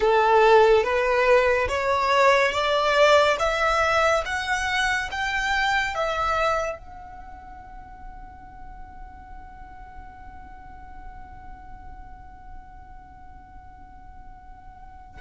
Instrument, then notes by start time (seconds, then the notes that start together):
violin
0.00 A4
0.83 B4
1.68 C#5
2.52 D5
3.39 E5
4.25 F#5
5.11 G5
5.95 E5
6.78 F#5